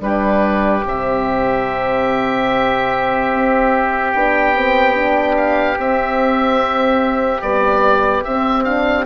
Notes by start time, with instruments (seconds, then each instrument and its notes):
0.00 bassoon G3, horn D4, oboe G4 B4
0.85 bassoon C3, horn C4, oboe E5
3.32 bassoon C4
4.11 bassoon B3, horn D4, oboe G5
4.55 horn C4
4.94 horn D4
5.36 oboe F5
5.77 bassoon C4, horn C4, oboe E5
7.41 horn G3, bassoon B3, oboe D5
8.23 horn C4, bassoon C4, oboe E5
8.64 horn D4, oboe F5